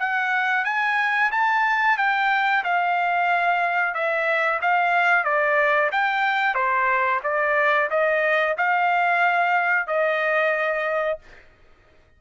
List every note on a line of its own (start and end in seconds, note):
0.00 0.65 F#5
0.65 1.31 G#5
1.32 1.98 A5
1.98 2.64 G5
2.64 3.94 F5
3.94 4.60 E5
4.62 5.25 F5
5.25 5.91 D5
5.92 6.55 G5
6.55 7.21 C5
7.24 7.90 D5
7.91 8.57 D#5
8.58 9.88 F5
9.88 11.19 D#5